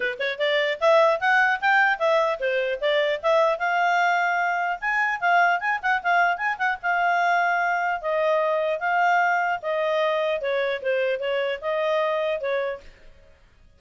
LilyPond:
\new Staff \with { instrumentName = "clarinet" } { \time 4/4 \tempo 4 = 150 b'8 cis''8 d''4 e''4 fis''4 | g''4 e''4 c''4 d''4 | e''4 f''2. | gis''4 f''4 gis''8 fis''8 f''4 |
gis''8 fis''8 f''2. | dis''2 f''2 | dis''2 cis''4 c''4 | cis''4 dis''2 cis''4 | }